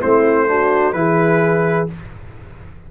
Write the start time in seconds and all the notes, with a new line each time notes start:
0.00 A3 C4 E4 C5
0.47 D4 F#4
0.93 E3 E4 G#4 B4